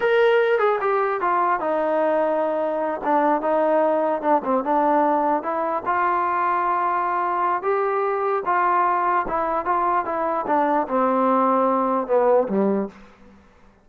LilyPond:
\new Staff \with { instrumentName = "trombone" } { \time 4/4 \tempo 4 = 149 ais'4. gis'8 g'4 f'4 | dis'2.~ dis'8 d'8~ | d'8 dis'2 d'8 c'8 d'8~ | d'4. e'4 f'4.~ |
f'2. g'4~ | g'4 f'2 e'4 | f'4 e'4 d'4 c'4~ | c'2 b4 g4 | }